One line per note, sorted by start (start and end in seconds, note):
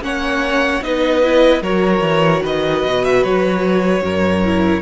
0.00 0.80 A#3
0.00 0.81 C#4
0.00 0.84 C#5
0.00 0.83 F#5
0.81 1.61 B3
0.81 1.23 D#4
0.81 1.62 B4
0.81 1.62 D#5
1.23 1.63 E4
1.61 2.00 F#3
1.61 4.43 F#4
1.61 2.42 A#4
1.61 2.43 C#5
2.00 2.40 E3
2.42 2.83 D#3
2.42 4.02 B4
2.42 3.04 D#5
2.84 3.23 B2
3.04 3.23 E5
3.23 4.01 F#3
3.23 4.82 C#5
4.01 4.81 F#2
4.01 4.82 A#4
4.44 4.82 E4